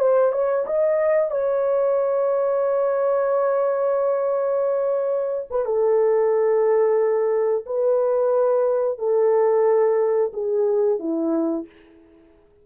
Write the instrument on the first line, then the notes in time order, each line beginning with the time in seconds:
horn
0.00 C5
0.32 C#5
0.67 D#5
1.31 C#5
5.51 B4
5.66 A4
7.66 B4
8.99 A4
10.34 G#4
11.00 E4